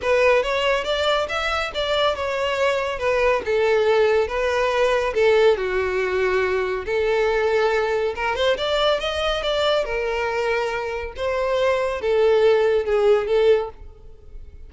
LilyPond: \new Staff \with { instrumentName = "violin" } { \time 4/4 \tempo 4 = 140 b'4 cis''4 d''4 e''4 | d''4 cis''2 b'4 | a'2 b'2 | a'4 fis'2. |
a'2. ais'8 c''8 | d''4 dis''4 d''4 ais'4~ | ais'2 c''2 | a'2 gis'4 a'4 | }